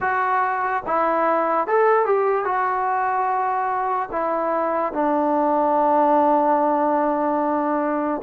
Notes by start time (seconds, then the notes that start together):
0.00 F#4
0.86 E4
1.67 A4
2.05 G4
2.44 F#4
4.11 E4
4.92 D4